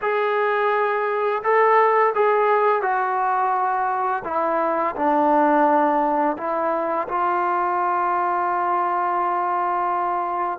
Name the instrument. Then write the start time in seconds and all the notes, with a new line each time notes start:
trombone
0.01 G#4
1.43 A4
2.14 G#4
2.82 F#4
4.24 E4
4.95 D4
6.37 E4
7.08 F4